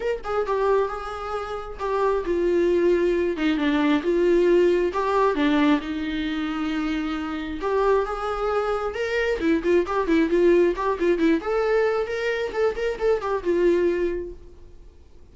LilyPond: \new Staff \with { instrumentName = "viola" } { \time 4/4 \tempo 4 = 134 ais'8 gis'8 g'4 gis'2 | g'4 f'2~ f'8 dis'8 | d'4 f'2 g'4 | d'4 dis'2.~ |
dis'4 g'4 gis'2 | ais'4 e'8 f'8 g'8 e'8 f'4 | g'8 f'8 e'8 a'4. ais'4 | a'8 ais'8 a'8 g'8 f'2 | }